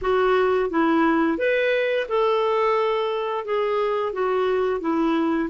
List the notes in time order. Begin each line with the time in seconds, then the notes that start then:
0.01 F#4
0.70 E4
1.38 B4
2.08 A4
3.45 G#4
4.13 F#4
4.80 E4